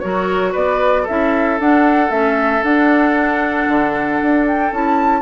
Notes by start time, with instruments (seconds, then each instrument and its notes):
0.00 bassoon F#3, clarinet F#4, oboe A#4, flute C#5
0.52 bassoon B3, oboe B4, flute D5
1.03 clarinet E4, oboe A4, flute E5
1.09 bassoon C#4
1.60 bassoon D4, clarinet D4, flute F#5
2.10 bassoon A3, clarinet C#4, flute E5
2.63 bassoon D4, clarinet D4, flute F#5
3.68 bassoon D3
4.22 bassoon D4
4.47 flute G5
4.72 bassoon C#4, clarinet E4, flute A5